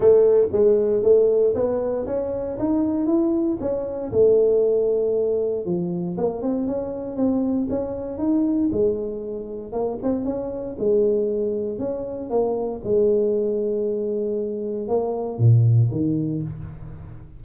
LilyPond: \new Staff \with { instrumentName = "tuba" } { \time 4/4 \tempo 4 = 117 a4 gis4 a4 b4 | cis'4 dis'4 e'4 cis'4 | a2. f4 | ais8 c'8 cis'4 c'4 cis'4 |
dis'4 gis2 ais8 c'8 | cis'4 gis2 cis'4 | ais4 gis2.~ | gis4 ais4 ais,4 dis4 | }